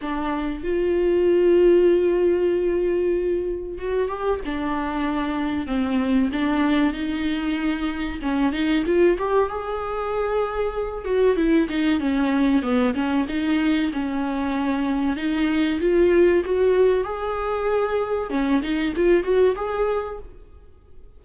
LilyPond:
\new Staff \with { instrumentName = "viola" } { \time 4/4 \tempo 4 = 95 d'4 f'2.~ | f'2 fis'8 g'8 d'4~ | d'4 c'4 d'4 dis'4~ | dis'4 cis'8 dis'8 f'8 g'8 gis'4~ |
gis'4. fis'8 e'8 dis'8 cis'4 | b8 cis'8 dis'4 cis'2 | dis'4 f'4 fis'4 gis'4~ | gis'4 cis'8 dis'8 f'8 fis'8 gis'4 | }